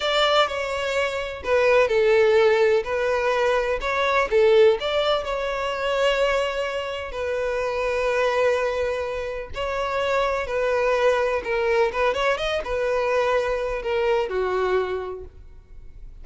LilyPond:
\new Staff \with { instrumentName = "violin" } { \time 4/4 \tempo 4 = 126 d''4 cis''2 b'4 | a'2 b'2 | cis''4 a'4 d''4 cis''4~ | cis''2. b'4~ |
b'1 | cis''2 b'2 | ais'4 b'8 cis''8 dis''8 b'4.~ | b'4 ais'4 fis'2 | }